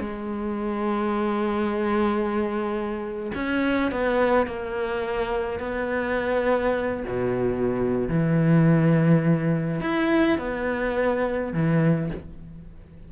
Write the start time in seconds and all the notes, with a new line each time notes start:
0.00 G#3
3.35 C#4
3.91 B3
4.47 A#3
5.59 B3
7.08 B2
8.08 E3
9.81 E4
10.38 B3
11.53 E3